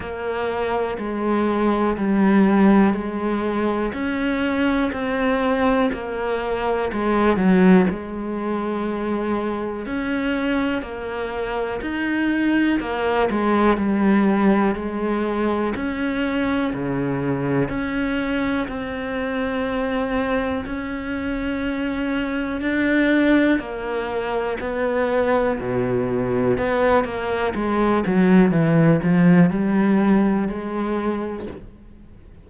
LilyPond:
\new Staff \with { instrumentName = "cello" } { \time 4/4 \tempo 4 = 61 ais4 gis4 g4 gis4 | cis'4 c'4 ais4 gis8 fis8 | gis2 cis'4 ais4 | dis'4 ais8 gis8 g4 gis4 |
cis'4 cis4 cis'4 c'4~ | c'4 cis'2 d'4 | ais4 b4 b,4 b8 ais8 | gis8 fis8 e8 f8 g4 gis4 | }